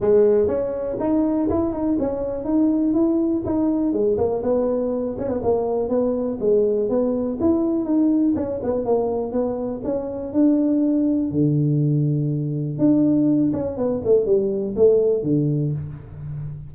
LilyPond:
\new Staff \with { instrumentName = "tuba" } { \time 4/4 \tempo 4 = 122 gis4 cis'4 dis'4 e'8 dis'8 | cis'4 dis'4 e'4 dis'4 | gis8 ais8 b4. cis'16 b16 ais4 | b4 gis4 b4 e'4 |
dis'4 cis'8 b8 ais4 b4 | cis'4 d'2 d4~ | d2 d'4. cis'8 | b8 a8 g4 a4 d4 | }